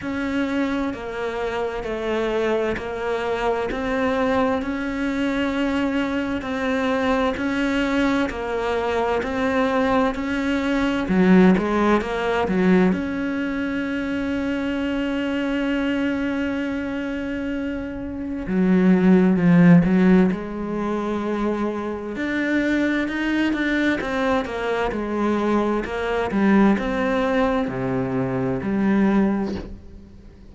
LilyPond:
\new Staff \with { instrumentName = "cello" } { \time 4/4 \tempo 4 = 65 cis'4 ais4 a4 ais4 | c'4 cis'2 c'4 | cis'4 ais4 c'4 cis'4 | fis8 gis8 ais8 fis8 cis'2~ |
cis'1 | fis4 f8 fis8 gis2 | d'4 dis'8 d'8 c'8 ais8 gis4 | ais8 g8 c'4 c4 g4 | }